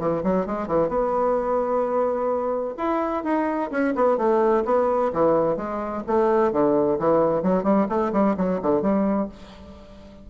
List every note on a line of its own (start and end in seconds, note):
0.00 0.23 E3
0.24 0.47 F#3
0.47 0.68 G#3
0.68 0.89 E3
0.89 2.75 B3
2.78 3.24 E4
3.24 3.71 D#4
3.71 3.95 C#4
3.96 4.18 B3
4.18 4.64 A3
4.66 5.12 B3
5.13 5.57 E3
5.57 6.03 G#3
6.07 6.53 A3
6.53 6.99 D3
6.99 7.43 E3
7.43 7.64 F#3
7.64 7.87 G3
7.89 8.13 A3
8.13 8.36 G3
8.37 8.61 F#3
8.63 8.82 D3
8.82 9.29 G3